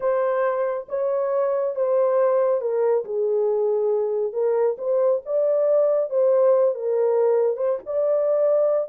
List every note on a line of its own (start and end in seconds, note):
0.00 0.87 C5
0.89 1.75 C#5
1.75 2.61 C5
2.61 3.04 A#4
3.04 4.32 G#4
4.32 4.76 A#4
4.78 5.21 C5
5.25 6.10 D5
6.10 6.74 C5
6.74 7.57 A#4
7.57 7.78 C5
7.85 8.88 D5